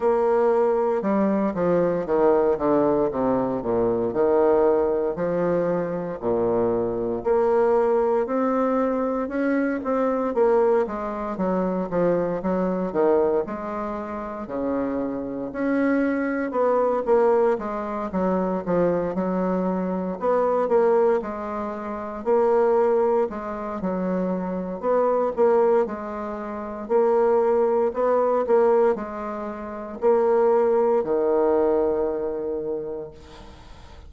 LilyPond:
\new Staff \with { instrumentName = "bassoon" } { \time 4/4 \tempo 4 = 58 ais4 g8 f8 dis8 d8 c8 ais,8 | dis4 f4 ais,4 ais4 | c'4 cis'8 c'8 ais8 gis8 fis8 f8 | fis8 dis8 gis4 cis4 cis'4 |
b8 ais8 gis8 fis8 f8 fis4 b8 | ais8 gis4 ais4 gis8 fis4 | b8 ais8 gis4 ais4 b8 ais8 | gis4 ais4 dis2 | }